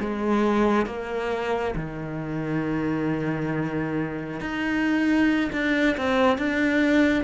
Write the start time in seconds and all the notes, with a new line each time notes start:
0.00 G#3
0.86 A#3
1.76 D#3
4.40 D#4
5.52 D4
5.97 C4
6.38 D4